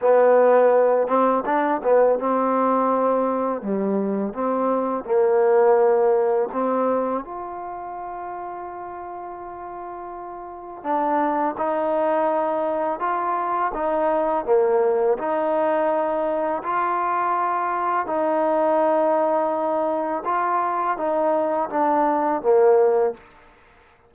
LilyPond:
\new Staff \with { instrumentName = "trombone" } { \time 4/4 \tempo 4 = 83 b4. c'8 d'8 b8 c'4~ | c'4 g4 c'4 ais4~ | ais4 c'4 f'2~ | f'2. d'4 |
dis'2 f'4 dis'4 | ais4 dis'2 f'4~ | f'4 dis'2. | f'4 dis'4 d'4 ais4 | }